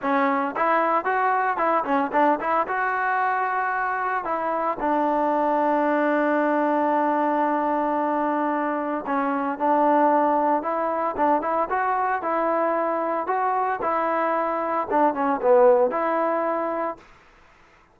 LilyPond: \new Staff \with { instrumentName = "trombone" } { \time 4/4 \tempo 4 = 113 cis'4 e'4 fis'4 e'8 cis'8 | d'8 e'8 fis'2. | e'4 d'2.~ | d'1~ |
d'4 cis'4 d'2 | e'4 d'8 e'8 fis'4 e'4~ | e'4 fis'4 e'2 | d'8 cis'8 b4 e'2 | }